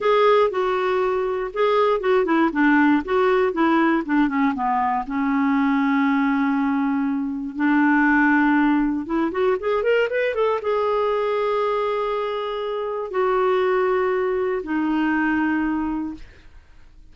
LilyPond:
\new Staff \with { instrumentName = "clarinet" } { \time 4/4 \tempo 4 = 119 gis'4 fis'2 gis'4 | fis'8 e'8 d'4 fis'4 e'4 | d'8 cis'8 b4 cis'2~ | cis'2. d'4~ |
d'2 e'8 fis'8 gis'8 ais'8 | b'8 a'8 gis'2.~ | gis'2 fis'2~ | fis'4 dis'2. | }